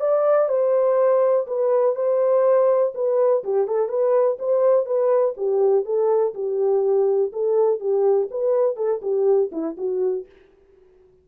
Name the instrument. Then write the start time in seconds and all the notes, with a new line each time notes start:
horn
0.00 D5
0.49 C5
1.47 B4
1.95 C5
2.95 B4
3.44 G4
3.67 A4
3.89 B4
4.39 C5
4.86 B4
5.37 G4
5.85 A4
6.34 G4
7.33 A4
7.80 G4
8.31 B4
8.76 A4
9.02 G4
9.52 E4
9.77 F#4